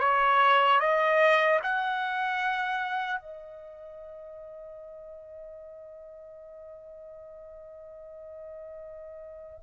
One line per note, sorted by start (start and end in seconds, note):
0.00 0.80 C#5
0.80 1.60 D#5
1.64 3.20 F#5
3.20 9.60 D#5